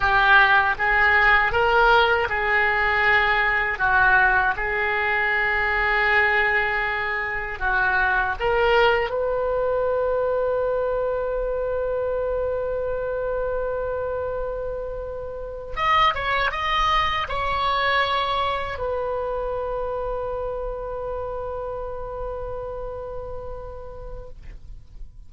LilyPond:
\new Staff \with { instrumentName = "oboe" } { \time 4/4 \tempo 4 = 79 g'4 gis'4 ais'4 gis'4~ | gis'4 fis'4 gis'2~ | gis'2 fis'4 ais'4 | b'1~ |
b'1~ | b'8. dis''8 cis''8 dis''4 cis''4~ cis''16~ | cis''8. b'2.~ b'16~ | b'1 | }